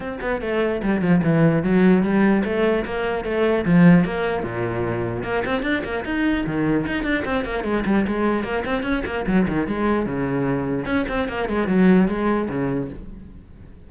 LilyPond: \new Staff \with { instrumentName = "cello" } { \time 4/4 \tempo 4 = 149 c'8 b8 a4 g8 f8 e4 | fis4 g4 a4 ais4 | a4 f4 ais4 ais,4~ | ais,4 ais8 c'8 d'8 ais8 dis'4 |
dis4 dis'8 d'8 c'8 ais8 gis8 g8 | gis4 ais8 c'8 cis'8 ais8 fis8 dis8 | gis4 cis2 cis'8 c'8 | ais8 gis8 fis4 gis4 cis4 | }